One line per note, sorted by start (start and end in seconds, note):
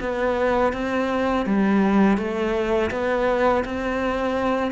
0.00 0.73 B3
0.73 1.46 C4
1.46 2.18 G3
2.18 2.91 A3
2.91 3.64 B3
3.65 4.72 C4